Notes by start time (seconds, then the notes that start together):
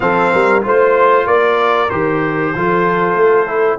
0.00 F3 C4 A4 F5
0.32 G3 A#4
0.61 A3 F4 C5
1.26 A#3 A#4 D5
1.89 D#3 G4 C5
2.55 F3 F4 A4
3.14 A3
3.46 E4